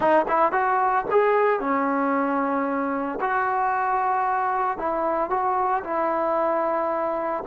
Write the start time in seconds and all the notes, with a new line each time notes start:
0.00 D#4
0.28 E4
0.52 F#4
1.10 G#4
1.59 C#4
3.21 F#4
4.78 E4
5.30 F#4
5.84 E4